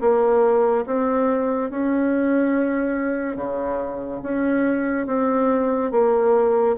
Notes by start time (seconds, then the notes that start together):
0.00 A#3
0.86 C4
1.70 C#4
3.36 C#3
4.22 C#4
5.06 C4
5.91 A#3